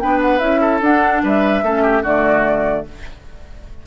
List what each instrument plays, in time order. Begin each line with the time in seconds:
0.00 bassoon B3, clarinet D4, oboe B4, flute G5
0.22 flute F#5
0.39 bassoon C#4, clarinet E4, flute E5
0.61 oboe A4
0.81 bassoon D4, clarinet D4, flute F#5
1.24 bassoon G3, oboe B4, flute E5
1.63 bassoon A3, clarinet C#4, oboe A4
1.83 oboe G4
2.03 bassoon D3, clarinet A3, oboe F#4, flute D5